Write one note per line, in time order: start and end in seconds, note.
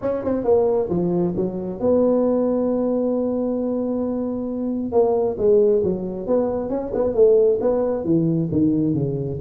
0.01 0.23 C#4
0.23 0.44 C4
0.44 0.88 A#3
0.89 1.34 F3
1.36 1.80 F#3
1.80 4.92 B3
4.92 5.36 A#3
5.38 5.82 G#3
5.83 6.26 F#3
6.26 6.69 B3
6.69 6.91 C#4
6.94 7.14 B3
7.14 7.59 A3
7.61 8.04 B3
8.04 8.49 E3
8.51 8.94 D#3
8.94 9.38 C#3